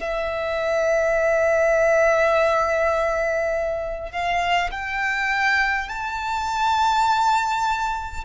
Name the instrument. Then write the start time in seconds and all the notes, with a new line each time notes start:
violin
0.00 E5
4.12 F5
4.71 G5
5.89 A5